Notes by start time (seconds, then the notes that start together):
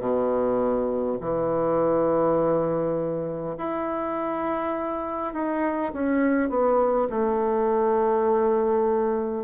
0.00 B2
1.21 E3
3.58 E4
5.34 D#4
5.93 C#4
6.50 B3
7.10 A3